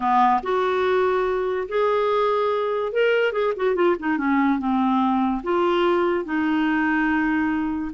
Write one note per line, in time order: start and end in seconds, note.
0.00 0.41 B3
0.42 1.67 F#4
1.68 2.92 G#4
2.92 3.32 A#4
3.32 3.53 G#4
3.56 3.75 F#4
3.75 3.95 F4
3.99 4.17 D#4
4.17 4.58 C#4
4.58 5.42 C4
5.43 6.25 F4
6.25 7.91 D#4